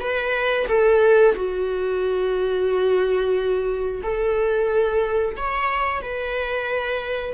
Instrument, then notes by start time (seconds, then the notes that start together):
viola
0.00 B4
0.68 A4
1.35 F#4
4.03 A4
5.37 C#5
6.02 B4